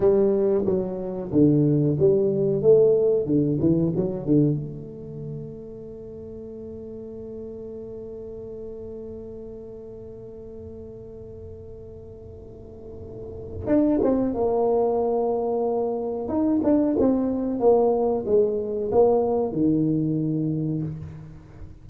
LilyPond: \new Staff \with { instrumentName = "tuba" } { \time 4/4 \tempo 4 = 92 g4 fis4 d4 g4 | a4 d8 e8 fis8 d8 a4~ | a1~ | a1~ |
a1~ | a4 d'8 c'8 ais2~ | ais4 dis'8 d'8 c'4 ais4 | gis4 ais4 dis2 | }